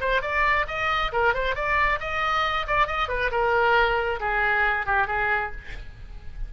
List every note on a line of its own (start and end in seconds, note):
0.00 0.21 C5
0.21 0.66 D5
0.67 1.11 D#5
1.12 1.34 A#4
1.34 1.55 C5
1.55 1.99 D5
2.00 2.66 D#5
2.67 2.87 D5
2.87 3.08 D#5
3.08 3.30 B4
3.31 4.19 A#4
4.20 4.86 G#4
4.86 5.07 G4
5.07 5.51 G#4